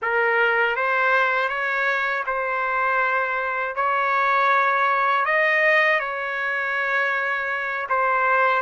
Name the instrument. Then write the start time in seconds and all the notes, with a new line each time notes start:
trumpet
0.02 A#4
0.75 C5
1.48 C#5
2.26 C5
3.75 C#5
5.25 D#5
5.99 C#5
7.89 C5